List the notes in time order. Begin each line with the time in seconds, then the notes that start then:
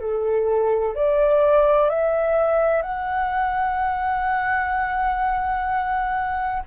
0.00 A4
0.95 D5
1.90 E5
2.82 F#5